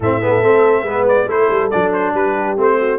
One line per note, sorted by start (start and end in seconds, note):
0.00 0.42 A2
0.00 0.21 C4
0.00 0.19 A4
0.00 1.07 E5
0.21 0.43 B3
0.21 0.30 G#4
0.30 0.83 A4
0.42 0.82 A3
0.42 0.85 C4
0.82 1.25 G#3
0.82 1.28 B3
0.82 1.25 B4
1.07 1.29 D5
1.27 1.48 A3
1.27 1.71 E4
1.27 2.14 A4
1.27 1.70 C5
1.50 1.71 G3
1.70 2.13 F#3
1.70 2.57 D4
1.70 1.91 D5
1.93 2.14 C5
2.13 2.56 G3
2.13 2.78 G4
2.13 2.58 B4
2.57 2.99 A3
2.57 2.99 C4
2.57 2.99 C5
2.78 2.99 F#4